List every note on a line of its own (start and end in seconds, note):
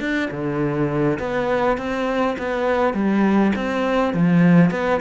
0.00 0.29 D4
0.31 1.19 D3
1.19 1.78 B3
1.78 2.36 C4
2.39 2.94 B3
2.94 3.53 G3
3.56 4.14 C4
4.14 4.71 F3
4.71 5.01 B3